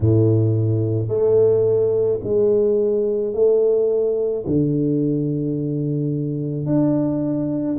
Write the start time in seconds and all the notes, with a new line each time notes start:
0.00 A2
1.08 A3
2.23 G#3
3.33 A3
4.46 D3
6.66 D4